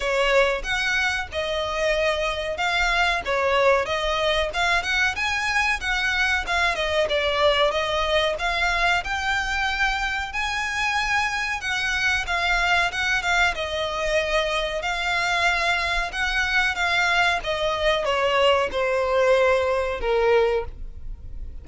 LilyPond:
\new Staff \with { instrumentName = "violin" } { \time 4/4 \tempo 4 = 93 cis''4 fis''4 dis''2 | f''4 cis''4 dis''4 f''8 fis''8 | gis''4 fis''4 f''8 dis''8 d''4 | dis''4 f''4 g''2 |
gis''2 fis''4 f''4 | fis''8 f''8 dis''2 f''4~ | f''4 fis''4 f''4 dis''4 | cis''4 c''2 ais'4 | }